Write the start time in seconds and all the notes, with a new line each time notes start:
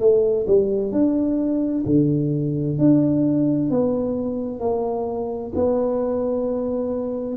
0.00 A3
0.47 G3
0.92 D4
1.86 D3
2.78 D4
3.70 B3
4.60 A#3
5.55 B3